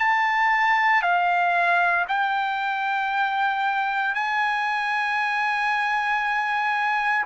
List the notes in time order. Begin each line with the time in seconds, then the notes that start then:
0.00 A5
1.03 F5
2.08 G5
4.15 G#5